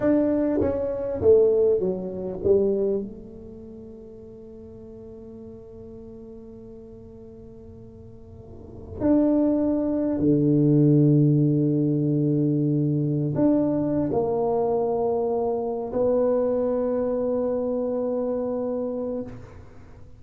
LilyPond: \new Staff \with { instrumentName = "tuba" } { \time 4/4 \tempo 4 = 100 d'4 cis'4 a4 fis4 | g4 a2.~ | a1~ | a2. d'4~ |
d'4 d2.~ | d2~ d16 d'4~ d'16 ais8~ | ais2~ ais8 b4.~ | b1 | }